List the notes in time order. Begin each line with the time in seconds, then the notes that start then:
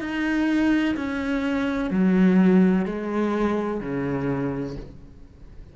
0.00 D#4
0.96 C#4
1.90 F#3
2.85 G#3
3.81 C#3